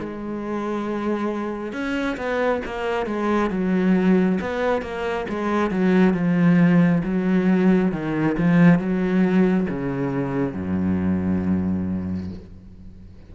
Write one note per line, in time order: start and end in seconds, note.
0.00 1.73 G#3
1.73 2.17 C#4
2.17 2.61 B3
2.66 3.06 A#3
3.06 3.51 G#3
3.51 4.39 F#3
4.42 4.82 B3
4.82 5.26 A#3
5.29 5.71 G#3
5.71 6.14 F#3
6.14 7.02 F3
7.04 7.92 F#3
7.92 8.36 D#3
8.38 8.79 F3
8.79 9.67 F#3
9.70 10.54 C#3
10.54 12.30 F#2